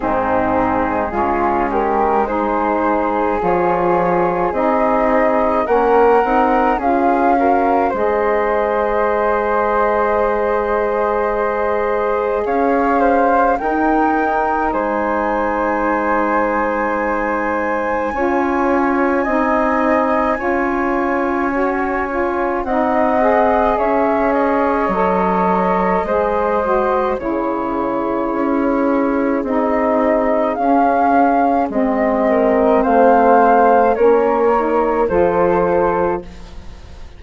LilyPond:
<<
  \new Staff \with { instrumentName = "flute" } { \time 4/4 \tempo 4 = 53 gis'4. ais'8 c''4 cis''4 | dis''4 fis''4 f''4 dis''4~ | dis''2. f''4 | g''4 gis''2.~ |
gis''1 | fis''4 e''8 dis''2~ dis''8 | cis''2 dis''4 f''4 | dis''4 f''4 cis''4 c''4 | }
  \new Staff \with { instrumentName = "flute" } { \time 4/4 dis'4 f'8 g'8 gis'2~ | gis'4 ais'4 gis'8 ais'8 c''4~ | c''2. cis''8 c''8 | ais'4 c''2. |
cis''4 dis''4 cis''2 | dis''4 cis''2 c''4 | gis'1~ | gis'8 ais'8 c''4 ais'4 a'4 | }
  \new Staff \with { instrumentName = "saxophone" } { \time 4/4 c'4 cis'4 dis'4 f'4 | dis'4 cis'8 dis'8 f'8 fis'8 gis'4~ | gis'1 | dis'1 |
f'4 dis'4 f'4 fis'8 f'8 | dis'8 gis'4. a'4 gis'8 fis'8 | e'2 dis'4 cis'4 | c'2 cis'8 dis'8 f'4 | }
  \new Staff \with { instrumentName = "bassoon" } { \time 4/4 gis,4 gis2 f4 | c'4 ais8 c'8 cis'4 gis4~ | gis2. cis'4 | dis'4 gis2. |
cis'4 c'4 cis'2 | c'4 cis'4 fis4 gis4 | cis4 cis'4 c'4 cis'4 | gis4 a4 ais4 f4 | }
>>